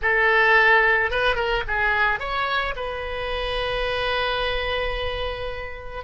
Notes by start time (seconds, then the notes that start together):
0.02 A4
1.11 B4
1.35 A#4
1.67 G#4
2.19 C#5
2.75 B4